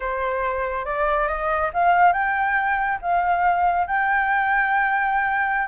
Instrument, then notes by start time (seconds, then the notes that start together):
flute
0.00 C5
0.85 D5
1.28 D#5
1.73 F5
2.13 G5
3.01 F5
3.87 G5